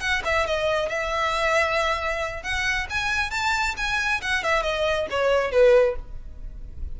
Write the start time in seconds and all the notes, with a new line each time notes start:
0.00 F#5
0.24 E5
0.46 D#5
0.89 E5
2.43 F#5
2.89 G#5
3.30 A5
3.77 G#5
4.21 F#5
4.43 E5
4.62 D#5
5.10 C#5
5.51 B4